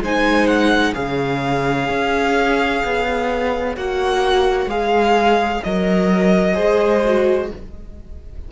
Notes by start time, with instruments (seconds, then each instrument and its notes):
0.00 cello G#3, viola D#4, violin C5 G#5
0.47 violin F#5
0.94 cello C#3, viola G#4, violin C#5 F5
1.89 cello C#4
2.84 cello B3
3.76 cello A#3, viola F#4, violin F#5
4.66 cello G#3, viola G#4, violin F5
5.63 cello F#3, viola A#4, violin D#5
6.54 cello G#3, viola G#4, violin C5
7.04 viola F#4